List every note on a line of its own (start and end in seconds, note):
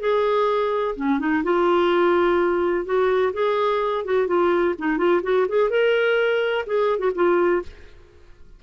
0.00 0.95 G#4
0.96 1.19 C#4
1.19 1.43 D#4
1.44 2.85 F4
2.85 3.33 F#4
3.33 4.05 G#4
4.05 4.27 F#4
4.27 4.75 F4
4.79 4.98 D#4
4.98 5.21 F4
5.23 5.47 F#4
5.48 5.70 G#4
5.70 6.66 A#4
6.66 6.99 G#4
6.99 7.11 F#4
7.15 7.63 F4